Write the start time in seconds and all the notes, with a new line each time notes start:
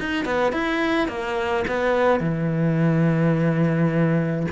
0.00 D#4
0.26 B3
0.53 E4
1.09 A#3
1.68 B3
2.20 E3